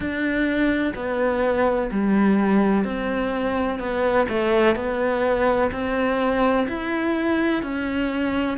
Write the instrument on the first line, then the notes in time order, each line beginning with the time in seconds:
cello
0.00 D4
0.95 B3
1.91 G3
2.84 C4
3.79 B3
4.29 A3
4.75 B3
5.71 C4
6.68 E4
7.62 C#4